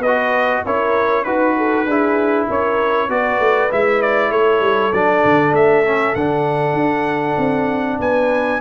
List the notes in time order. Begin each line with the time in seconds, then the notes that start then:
0.00 B3 B4 D#5
0.07 F#4
0.65 C#4 E4 A#4 C#5
1.24 D#4 F#4 B4
1.57 A4
1.86 D4 E4 G#4
2.48 C#4 A#4 C#5
3.09 B3 F#4 B4 D5
3.40 A3
3.71 G#3 E4 E5
4.02 D5
4.30 A3 A4 C#5
4.60 G3
4.92 F#3 D4 D5
5.24 D3
5.52 A3 E5
5.85 C#4
6.15 D3 D4 F#5
6.73 D4
7.37 C4
7.99 B3 B4 G#5